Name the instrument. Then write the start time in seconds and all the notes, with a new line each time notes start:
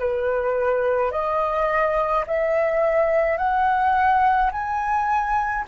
flute
0.00 B4
1.12 D#5
2.27 E5
3.38 F#5
4.52 G#5